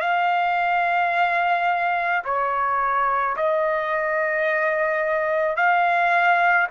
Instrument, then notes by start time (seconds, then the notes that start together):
trumpet
0.00 F5
2.25 C#5
3.36 D#5
5.56 F5